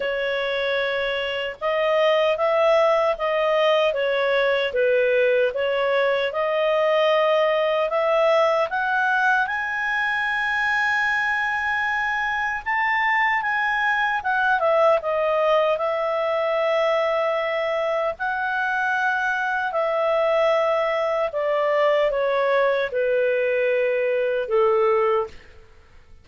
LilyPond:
\new Staff \with { instrumentName = "clarinet" } { \time 4/4 \tempo 4 = 76 cis''2 dis''4 e''4 | dis''4 cis''4 b'4 cis''4 | dis''2 e''4 fis''4 | gis''1 |
a''4 gis''4 fis''8 e''8 dis''4 | e''2. fis''4~ | fis''4 e''2 d''4 | cis''4 b'2 a'4 | }